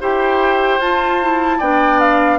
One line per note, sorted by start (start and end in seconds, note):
0.00 0.79 E4
0.00 0.80 G4
0.00 1.58 C5
0.00 0.81 G5
0.79 1.59 F4
0.79 1.21 F4
0.79 1.60 A5
1.21 1.61 E4
1.58 2.39 B3
1.58 2.39 D4
1.58 2.38 D5
1.58 2.00 G5
2.00 2.39 F5